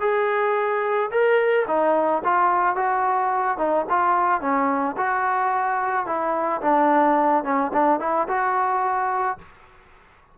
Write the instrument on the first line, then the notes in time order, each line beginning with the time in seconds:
trombone
0.00 G#4
1.11 A#4
1.67 D#4
2.24 F4
2.76 F#4
3.58 D#4
3.89 F4
4.41 C#4
4.97 F#4
6.06 E4
6.61 D4
7.44 C#4
7.73 D4
8.00 E4
8.28 F#4